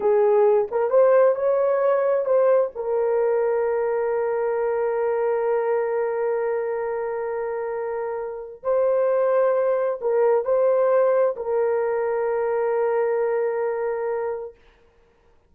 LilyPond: \new Staff \with { instrumentName = "horn" } { \time 4/4 \tempo 4 = 132 gis'4. ais'8 c''4 cis''4~ | cis''4 c''4 ais'2~ | ais'1~ | ais'1~ |
ais'2. c''4~ | c''2 ais'4 c''4~ | c''4 ais'2.~ | ais'1 | }